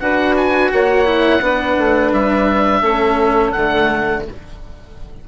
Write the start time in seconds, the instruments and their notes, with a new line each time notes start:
0.00 bassoon D4, cello F#4, saxophone B4, oboe F#5
0.37 oboe G#5
0.72 bassoon A#3, saxophone C#5, oboe F#5
1.05 cello E4
1.41 bassoon B3, cello D4, saxophone B4
1.78 bassoon A3
2.12 bassoon G3, oboe E5
2.82 bassoon A3, cello C#4, saxophone A4
3.52 bassoon D3, cello A3, oboe F#5